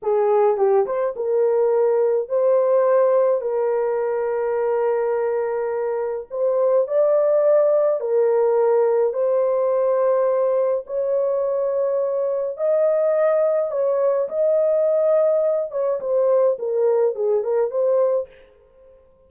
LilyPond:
\new Staff \with { instrumentName = "horn" } { \time 4/4 \tempo 4 = 105 gis'4 g'8 c''8 ais'2 | c''2 ais'2~ | ais'2. c''4 | d''2 ais'2 |
c''2. cis''4~ | cis''2 dis''2 | cis''4 dis''2~ dis''8 cis''8 | c''4 ais'4 gis'8 ais'8 c''4 | }